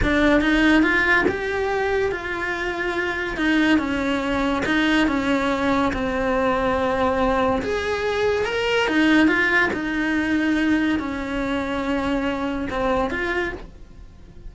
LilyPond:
\new Staff \with { instrumentName = "cello" } { \time 4/4 \tempo 4 = 142 d'4 dis'4 f'4 g'4~ | g'4 f'2. | dis'4 cis'2 dis'4 | cis'2 c'2~ |
c'2 gis'2 | ais'4 dis'4 f'4 dis'4~ | dis'2 cis'2~ | cis'2 c'4 f'4 | }